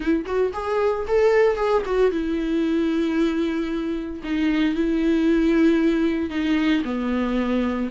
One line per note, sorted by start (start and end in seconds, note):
0.00 0.25 E4
0.25 0.51 F#4
0.53 1.06 G#4
1.07 1.56 A4
1.56 1.82 G#4
1.85 2.11 F#4
2.11 4.22 E4
4.23 4.74 D#4
4.74 6.30 E4
6.30 6.82 D#4
6.84 7.89 B3